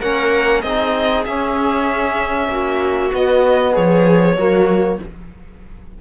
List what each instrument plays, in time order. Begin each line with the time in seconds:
0.00 cello A#3, trombone C#4, viola A#4, violin F#5
0.61 cello C4, trombone D#4, viola G#4, violin D#5
1.25 cello C#4, trombone C#4, violin E5
2.48 cello A#3, viola F#4
3.11 trombone B3, cello B3, violin D#5
3.72 cello F3, viola G#4, violin C#5
4.36 cello F#3, trombone A#3, viola F#4